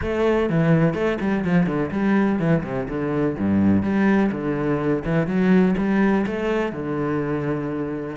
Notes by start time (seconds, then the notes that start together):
0.01 A3
0.49 E3
0.94 A3
1.20 G3
1.44 F3
1.66 D3
1.91 G3
2.39 E3
2.63 C3
2.88 D3
3.38 G2
3.82 G3
4.31 D3
5.04 E3
5.27 F#3
5.77 G3
6.26 A3
6.72 D3